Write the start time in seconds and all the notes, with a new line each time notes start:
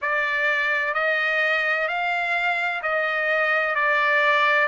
0.01 D5
0.94 D#5
1.87 F5
2.82 D#5
3.75 D5